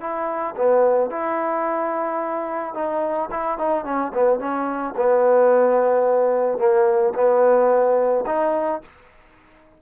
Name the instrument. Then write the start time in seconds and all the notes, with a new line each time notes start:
trombone
0.00 E4
0.56 B3
1.10 E4
2.74 D#4
3.31 E4
3.58 D#4
3.85 C#4
4.14 B3
4.39 C#4
4.96 B3
6.58 A#3
7.14 B3
8.26 D#4